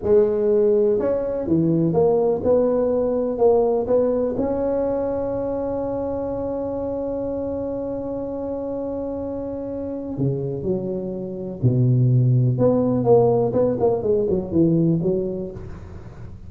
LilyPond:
\new Staff \with { instrumentName = "tuba" } { \time 4/4 \tempo 4 = 124 gis2 cis'4 e4 | ais4 b2 ais4 | b4 cis'2.~ | cis'1~ |
cis'1~ | cis'4 cis4 fis2 | b,2 b4 ais4 | b8 ais8 gis8 fis8 e4 fis4 | }